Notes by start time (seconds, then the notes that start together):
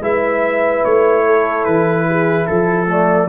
0.00 G#3 E4 B4 E5
0.85 A3 C#5
1.25 A4
1.65 E3 B4
2.09 G#4
2.47 F3 A4
2.87 A3 D5